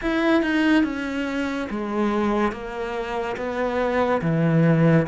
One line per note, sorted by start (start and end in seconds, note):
0.01 0.42 E4
0.42 0.83 D#4
0.83 1.67 C#4
1.69 2.51 G#3
2.51 3.36 A#3
3.36 4.21 B3
4.21 5.06 E3